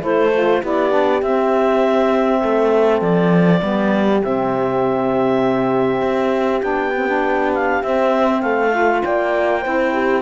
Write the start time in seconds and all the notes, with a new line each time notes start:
0.00 A3 E4 A4 C5
0.33 F4
0.62 B3 E4 G4 D5
0.90 D4
1.22 C4 E5
2.41 A3 A4
3.01 F3 D5
3.60 G3 B3 G4
4.21 C3 C4 E5
6.02 C4
6.61 B3 D4 G5
6.96 C4
7.07 D4
7.54 F5
7.82 C4 E5
8.41 A3 A4 F5
8.70 F4
9.03 A#3 D5 G5
9.61 C4 E4 C5
9.92 G4